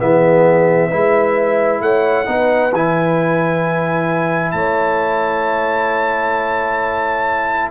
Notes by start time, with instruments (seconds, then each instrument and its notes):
0.00 tuba E3, trombone B3, horn G#4, trumpet E5
0.90 tuba G#3, trombone E4, horn B4
1.81 tuba A3, horn C#5, trumpet F#5
2.26 tuba B3, trombone D#4, horn B4
2.73 tuba E3, trombone E4, trumpet G#5
4.52 tuba A3, horn C#5, trumpet A5